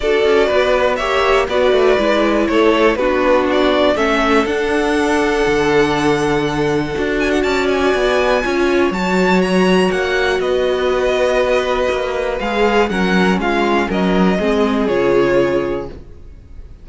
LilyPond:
<<
  \new Staff \with { instrumentName = "violin" } { \time 4/4 \tempo 4 = 121 d''2 e''4 d''4~ | d''4 cis''4 b'4 d''4 | e''4 fis''2.~ | fis''2~ fis''8 gis''16 fis''16 a''8 gis''8~ |
gis''2 a''4 ais''4 | fis''4 dis''2.~ | dis''4 f''4 fis''4 f''4 | dis''2 cis''2 | }
  \new Staff \with { instrumentName = "violin" } { \time 4/4 a'4 b'4 cis''4 b'4~ | b'4 a'4 fis'2 | a'1~ | a'2. d''4~ |
d''4 cis''2.~ | cis''4 b'2.~ | b'2 ais'4 f'4 | ais'4 gis'2. | }
  \new Staff \with { instrumentName = "viola" } { \time 4/4 fis'2 g'4 fis'4 | e'2 d'2 | cis'4 d'2.~ | d'2 fis'2~ |
fis'4 f'4 fis'2~ | fis'1~ | fis'4 gis'4 cis'2~ | cis'4 c'4 f'2 | }
  \new Staff \with { instrumentName = "cello" } { \time 4/4 d'8 cis'8 b4 ais4 b8 a8 | gis4 a4 b2 | a4 d'2 d4~ | d2 d'4 cis'4 |
b4 cis'4 fis2 | ais4 b2. | ais4 gis4 fis4 gis4 | fis4 gis4 cis2 | }
>>